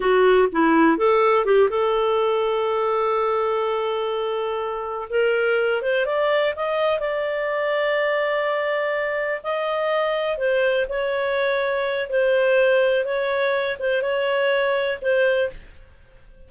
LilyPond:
\new Staff \with { instrumentName = "clarinet" } { \time 4/4 \tempo 4 = 124 fis'4 e'4 a'4 g'8 a'8~ | a'1~ | a'2~ a'8 ais'4. | c''8 d''4 dis''4 d''4.~ |
d''2.~ d''8 dis''8~ | dis''4. c''4 cis''4.~ | cis''4 c''2 cis''4~ | cis''8 c''8 cis''2 c''4 | }